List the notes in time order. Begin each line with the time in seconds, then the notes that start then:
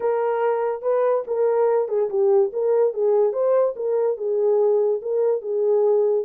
0.00 A#4
0.82 B4
1.27 A#4
1.88 G#4
2.09 G4
2.52 A#4
2.93 G#4
3.32 C5
3.76 A#4
4.17 G#4
5.02 A#4
5.41 G#4